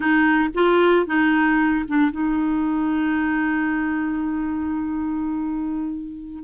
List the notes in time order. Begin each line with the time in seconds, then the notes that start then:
0.00 D#4
0.54 F4
1.06 D#4
1.88 D4
2.11 D#4